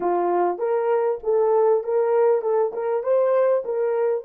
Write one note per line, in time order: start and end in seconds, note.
0.00 0.58 F4
0.58 1.18 A#4
1.23 1.83 A4
1.83 2.41 A#4
2.41 2.72 A4
2.73 3.03 A#4
3.03 3.63 C5
3.64 4.24 A#4